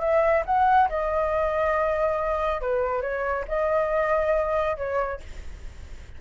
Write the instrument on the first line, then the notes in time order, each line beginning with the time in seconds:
flute
0.00 E5
0.46 F#5
0.89 D#5
2.61 B4
3.02 C#5
3.48 D#5
4.77 C#5